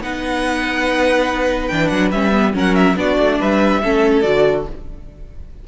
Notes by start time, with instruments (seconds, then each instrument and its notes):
0.00 cello B3, viola D#4, violin B4 F#5
1.68 cello E3, viola D4, violin G5
1.87 cello F#3, violin F#5
2.11 cello G3, viola C#4, violin E5
2.32 viola B3
2.53 cello F#3, viola C#4, violin A#4 F#5
2.75 violin E5
2.96 cello B3, viola D4, violin F#4 D5
3.18 cello A3
3.39 cello G3, violin B4 E5
3.83 cello A3, viola C#4, violin A4
4.21 cello D3, viola F#4, violin D5